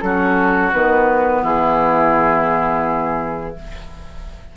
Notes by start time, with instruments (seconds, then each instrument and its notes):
0.00 bassoon F#3, clarinet C#4, oboe F#4, flute A4
0.72 bassoon D#3, clarinet B3, flute B4
1.42 bassoon E3, oboe E4, flute G#4